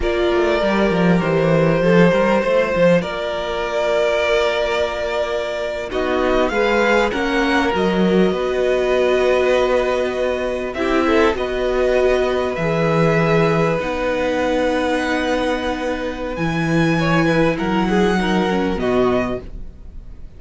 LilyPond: <<
  \new Staff \with { instrumentName = "violin" } { \time 4/4 \tempo 4 = 99 d''2 c''2~ | c''4 d''2.~ | d''4.~ d''16 dis''4 f''4 fis''16~ | fis''8. dis''2.~ dis''16~ |
dis''4.~ dis''16 e''4 dis''4~ dis''16~ | dis''8. e''2 fis''4~ fis''16~ | fis''2. gis''4~ | gis''4 fis''2 dis''4 | }
  \new Staff \with { instrumentName = "violin" } { \time 4/4 ais'2. a'8 ais'8 | c''4 ais'2.~ | ais'4.~ ais'16 fis'4 b'4 ais'16~ | ais'4.~ ais'16 b'2~ b'16~ |
b'4.~ b'16 g'8 a'8 b'4~ b'16~ | b'1~ | b'1 | cis''8 b'8 ais'8 gis'8 ais'4 fis'4 | }
  \new Staff \with { instrumentName = "viola" } { \time 4/4 f'4 g'2. | f'1~ | f'4.~ f'16 dis'4 gis'4 cis'16~ | cis'8. fis'2.~ fis'16~ |
fis'4.~ fis'16 e'4 fis'4~ fis'16~ | fis'8. gis'2 dis'4~ dis'16~ | dis'2. e'4~ | e'2 dis'8 cis'8 b4 | }
  \new Staff \with { instrumentName = "cello" } { \time 4/4 ais8 a8 g8 f8 e4 f8 g8 | a8 f8 ais2.~ | ais4.~ ais16 b4 gis4 ais16~ | ais8. fis4 b2~ b16~ |
b4.~ b16 c'4 b4~ b16~ | b8. e2 b4~ b16~ | b2. e4~ | e4 fis2 b,4 | }
>>